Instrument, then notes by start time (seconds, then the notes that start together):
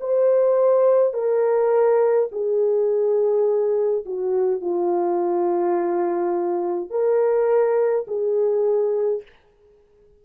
horn
0.00 C5
1.13 A#4
2.32 G#4
4.05 F#4
4.60 F4
6.90 A#4
8.07 G#4